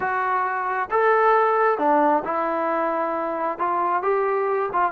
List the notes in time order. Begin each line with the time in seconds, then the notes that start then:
0.00 F#4
0.91 A4
1.78 D4
2.24 E4
3.58 F4
4.02 G4
4.72 F4